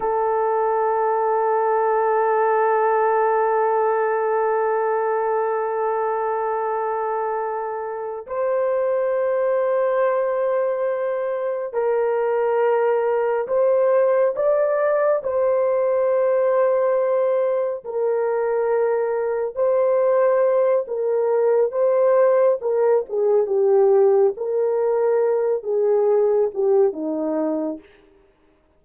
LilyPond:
\new Staff \with { instrumentName = "horn" } { \time 4/4 \tempo 4 = 69 a'1~ | a'1~ | a'4. c''2~ c''8~ | c''4. ais'2 c''8~ |
c''8 d''4 c''2~ c''8~ | c''8 ais'2 c''4. | ais'4 c''4 ais'8 gis'8 g'4 | ais'4. gis'4 g'8 dis'4 | }